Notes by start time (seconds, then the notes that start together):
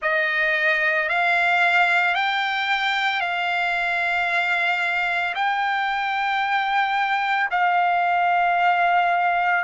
0.01 D#5
1.08 F5
2.14 G5
3.20 F5
5.35 G5
7.50 F5